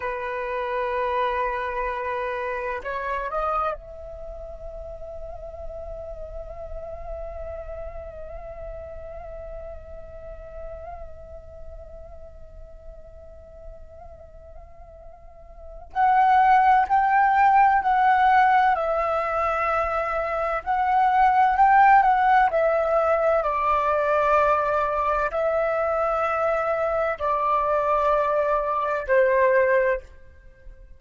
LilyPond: \new Staff \with { instrumentName = "flute" } { \time 4/4 \tempo 4 = 64 b'2. cis''8 dis''8 | e''1~ | e''1~ | e''1~ |
e''4 fis''4 g''4 fis''4 | e''2 fis''4 g''8 fis''8 | e''4 d''2 e''4~ | e''4 d''2 c''4 | }